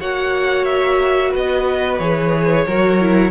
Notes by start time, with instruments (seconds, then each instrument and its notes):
0.00 cello A#3, viola F#4, violin C#5 F#5
0.65 violin E5
1.30 cello B3, violin B4 D#5
1.98 cello E3, viola G#4, violin C#5
2.67 cello F#3, viola F#4, violin A#4
3.01 viola E4